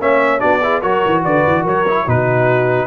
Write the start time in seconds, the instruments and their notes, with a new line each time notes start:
0.00 tuba A#3, trombone C#4, horn C#5, trumpet E5
0.39 tuba B3, trombone D4, horn F#4, trumpet D5
0.62 trombone E4, horn G#4
0.81 tuba F#3, trombone F#4, horn A#4, trumpet C#5
1.05 tuba E3
1.24 tuba D3, horn B4, trumpet D5
1.46 tuba E3
1.63 tuba F#3, horn A#4, trumpet C#5
1.87 trombone E4
2.04 tuba B2, trombone D#4, horn F#4, trumpet B4